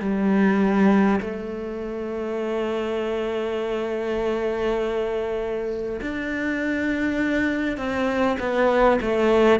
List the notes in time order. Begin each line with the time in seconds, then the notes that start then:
0.00 G3
1.20 A3
6.01 D4
7.77 C4
8.39 B3
9.01 A3